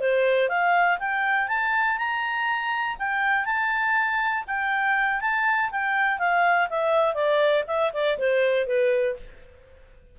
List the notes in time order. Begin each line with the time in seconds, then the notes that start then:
0.00 C5
0.49 F5
0.99 G5
1.48 A5
1.98 A#5
2.99 G5
3.45 A5
4.48 G5
5.21 A5
5.71 G5
6.19 F5
6.70 E5
7.15 D5
7.67 E5
7.93 D5
8.18 C5
8.67 B4